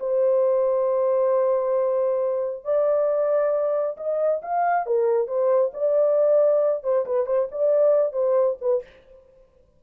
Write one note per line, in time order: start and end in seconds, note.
0.00 2.65 C5
2.65 3.97 D5
3.97 4.41 D#5
4.43 4.87 F5
4.87 5.28 A#4
5.28 5.72 C5
5.74 6.84 D5
6.84 7.06 C5
7.06 7.27 B4
7.27 7.49 C5
7.52 8.13 D5
8.13 8.57 C5
8.61 8.83 B4